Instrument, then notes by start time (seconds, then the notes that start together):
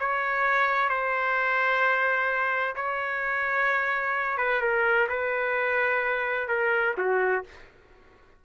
trumpet
0.00 C#5
0.90 C5
2.76 C#5
4.38 B4
4.62 A#4
5.10 B4
6.49 A#4
6.98 F#4